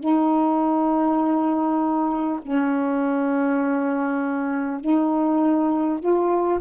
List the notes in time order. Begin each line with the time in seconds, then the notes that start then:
0.00 D#4
2.42 C#4
4.81 D#4
6.00 F4